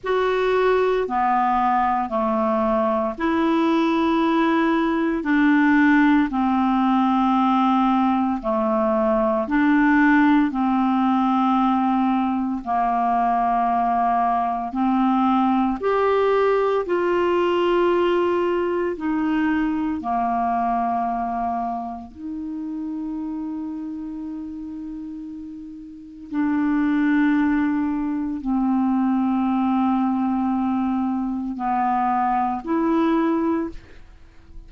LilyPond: \new Staff \with { instrumentName = "clarinet" } { \time 4/4 \tempo 4 = 57 fis'4 b4 a4 e'4~ | e'4 d'4 c'2 | a4 d'4 c'2 | ais2 c'4 g'4 |
f'2 dis'4 ais4~ | ais4 dis'2.~ | dis'4 d'2 c'4~ | c'2 b4 e'4 | }